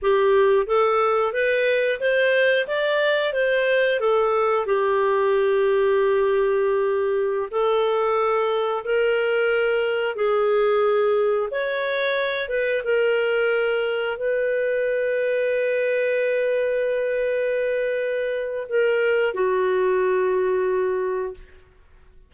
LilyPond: \new Staff \with { instrumentName = "clarinet" } { \time 4/4 \tempo 4 = 90 g'4 a'4 b'4 c''4 | d''4 c''4 a'4 g'4~ | g'2.~ g'16 a'8.~ | a'4~ a'16 ais'2 gis'8.~ |
gis'4~ gis'16 cis''4. b'8 ais'8.~ | ais'4~ ais'16 b'2~ b'8.~ | b'1 | ais'4 fis'2. | }